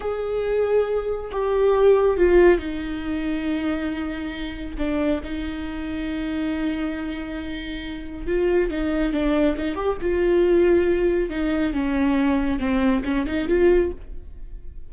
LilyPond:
\new Staff \with { instrumentName = "viola" } { \time 4/4 \tempo 4 = 138 gis'2. g'4~ | g'4 f'4 dis'2~ | dis'2. d'4 | dis'1~ |
dis'2. f'4 | dis'4 d'4 dis'8 g'8 f'4~ | f'2 dis'4 cis'4~ | cis'4 c'4 cis'8 dis'8 f'4 | }